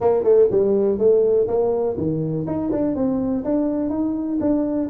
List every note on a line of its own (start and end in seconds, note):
0.00 0.23 A#3
0.23 0.48 A3
0.51 0.98 G3
0.98 1.47 A3
1.47 1.96 A#3
1.97 2.45 D#3
2.46 2.71 D#4
2.71 2.95 D4
2.95 3.43 C4
3.44 3.89 D4
3.89 4.38 D#4
4.40 4.89 D4